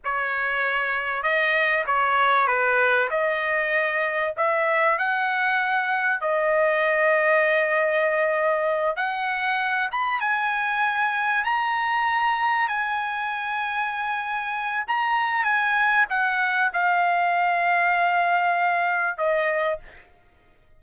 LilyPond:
\new Staff \with { instrumentName = "trumpet" } { \time 4/4 \tempo 4 = 97 cis''2 dis''4 cis''4 | b'4 dis''2 e''4 | fis''2 dis''2~ | dis''2~ dis''8 fis''4. |
b''8 gis''2 ais''4.~ | ais''8 gis''2.~ gis''8 | ais''4 gis''4 fis''4 f''4~ | f''2. dis''4 | }